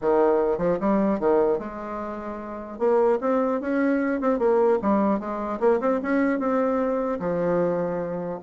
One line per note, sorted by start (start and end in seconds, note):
0.01 0.58 D#3
0.58 0.78 F3
0.80 1.19 G3
1.19 1.59 D#3
1.59 2.78 G#3
2.78 3.18 A#3
3.20 3.60 C4
3.60 4.20 C#4
4.20 4.39 C4
4.39 4.79 A#3
4.81 5.19 G3
5.19 5.59 G#3
5.60 5.80 A#3
5.80 6.00 C4
6.02 6.39 C#4
6.39 7.19 C4
7.19 8.39 F3